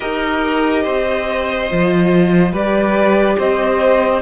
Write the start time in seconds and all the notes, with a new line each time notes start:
0.00 D#4 G4 A#4 D#5
0.83 C4 C5
1.70 F3 F4
2.52 G3 G4 B4 D5
3.37 C4 C5 D#5